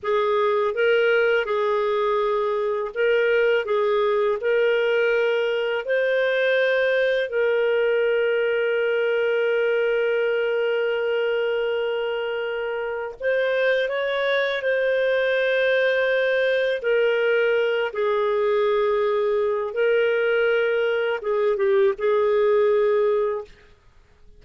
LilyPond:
\new Staff \with { instrumentName = "clarinet" } { \time 4/4 \tempo 4 = 82 gis'4 ais'4 gis'2 | ais'4 gis'4 ais'2 | c''2 ais'2~ | ais'1~ |
ais'2 c''4 cis''4 | c''2. ais'4~ | ais'8 gis'2~ gis'8 ais'4~ | ais'4 gis'8 g'8 gis'2 | }